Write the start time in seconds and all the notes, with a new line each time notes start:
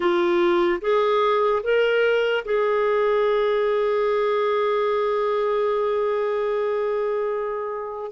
0.00 F4
0.81 G#4
1.63 A#4
2.45 G#4